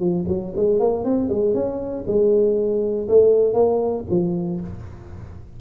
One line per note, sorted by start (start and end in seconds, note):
0.00 0.25 F3
0.28 0.54 F#3
0.56 0.80 G#3
0.80 1.05 A#3
1.05 1.30 C4
1.30 1.54 G#3
1.54 2.05 C#4
2.07 3.08 G#3
3.08 3.54 A3
3.54 4.04 A#3
4.10 4.61 F3